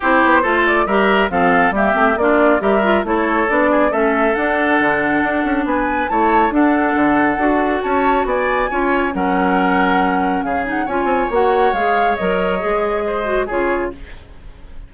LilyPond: <<
  \new Staff \with { instrumentName = "flute" } { \time 4/4 \tempo 4 = 138 c''4. d''8 e''4 f''4 | e''4 d''4 e''4 cis''4 | d''4 e''4 fis''2~ | fis''4 gis''4 a''4 fis''4~ |
fis''2 a''4 gis''4~ | gis''4 fis''2. | f''8 fis''8 gis''4 fis''4 f''4 | dis''2. cis''4 | }
  \new Staff \with { instrumentName = "oboe" } { \time 4/4 g'4 a'4 ais'4 a'4 | g'4 f'4 ais'4 a'4~ | a'8 gis'8 a'2.~ | a'4 b'4 cis''4 a'4~ |
a'2 cis''4 d''4 | cis''4 ais'2. | gis'4 cis''2.~ | cis''2 c''4 gis'4 | }
  \new Staff \with { instrumentName = "clarinet" } { \time 4/4 e'4 f'4 g'4 c'4 | ais8 c'8 d'4 g'8 f'8 e'4 | d'4 cis'4 d'2~ | d'2 e'4 d'4~ |
d'4 fis'2. | f'4 cis'2.~ | cis'8 dis'8 f'4 fis'4 gis'4 | ais'4 gis'4. fis'8 f'4 | }
  \new Staff \with { instrumentName = "bassoon" } { \time 4/4 c'8 b8 a4 g4 f4 | g8 a8 ais4 g4 a4 | b4 a4 d'4 d4 | d'8 cis'8 b4 a4 d'4 |
d4 d'4 cis'4 b4 | cis'4 fis2. | cis4 cis'8 c'8 ais4 gis4 | fis4 gis2 cis4 | }
>>